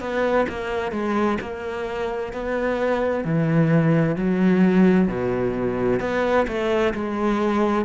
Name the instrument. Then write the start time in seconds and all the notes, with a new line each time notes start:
cello
0.00 B3
0.49 A#3
0.91 G#3
1.41 A#3
2.32 B3
3.24 E3
4.16 F#3
5.08 B2
6.00 B3
6.47 A3
6.94 G#3